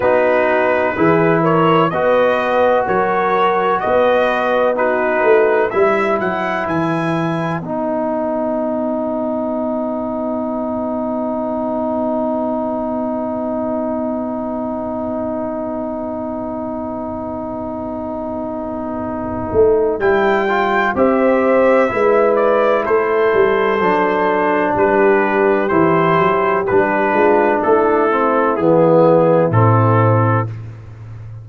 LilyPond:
<<
  \new Staff \with { instrumentName = "trumpet" } { \time 4/4 \tempo 4 = 63 b'4. cis''8 dis''4 cis''4 | dis''4 b'4 e''8 fis''8 gis''4 | fis''1~ | fis''1~ |
fis''1~ | fis''4 g''4 e''4. d''8 | c''2 b'4 c''4 | b'4 a'4 gis'4 a'4 | }
  \new Staff \with { instrumentName = "horn" } { \time 4/4 fis'4 gis'8 ais'8 b'4 ais'4 | b'4 fis'4 b'2~ | b'1~ | b'1~ |
b'1~ | b'2 c''4 b'4 | a'2 g'2~ | g'8 f'8 e'2. | }
  \new Staff \with { instrumentName = "trombone" } { \time 4/4 dis'4 e'4 fis'2~ | fis'4 dis'4 e'2 | dis'1~ | dis'1~ |
dis'1~ | dis'4 e'8 f'8 g'4 e'4~ | e'4 d'2 e'4 | d'4. c'8 b4 c'4 | }
  \new Staff \with { instrumentName = "tuba" } { \time 4/4 b4 e4 b4 fis4 | b4. a8 g8 fis8 e4 | b1~ | b1~ |
b1~ | b8 a8 g4 c'4 gis4 | a8 g8 fis4 g4 e8 fis8 | g8 gis8 a4 e4 a,4 | }
>>